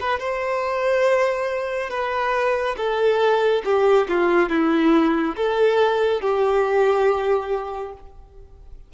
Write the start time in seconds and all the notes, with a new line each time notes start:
0.00 B4
0.19 C5
1.90 B4
2.77 A4
3.64 G4
4.09 F4
4.49 E4
5.36 A4
6.21 G4